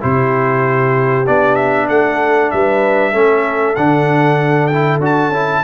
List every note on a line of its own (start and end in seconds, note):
0.00 1.27 C3
0.00 1.25 E4
0.00 1.88 G4
0.00 1.27 C5
1.26 1.89 B3
1.26 3.13 D4
1.26 1.55 D5
1.55 1.86 E5
1.88 2.52 A3
1.88 2.51 A4
1.88 2.51 F#5
2.51 3.14 G3
2.51 3.11 B4
2.51 3.75 E5
3.11 3.76 A3
3.11 3.76 C#4
3.11 5.61 A4
3.75 5.00 D3
3.75 4.71 D4
3.75 4.67 F#5
4.67 5.01 E4
4.67 4.98 G5
5.00 5.29 D4
5.00 5.32 F#4
5.00 5.64 A5
5.29 5.60 C#4
5.29 5.64 E4